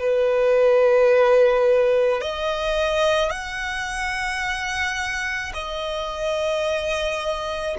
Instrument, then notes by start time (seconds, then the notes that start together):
violin
0.00 B4
2.22 D#5
3.30 F#5
5.54 D#5